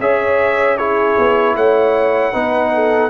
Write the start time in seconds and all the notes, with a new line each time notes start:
0.00 C#4 G#4 C#5 E5
0.78 E4 G#4 C#5
1.19 B3
1.56 A3 C#5 F#5
2.33 B3 D#4 B4
2.75 A4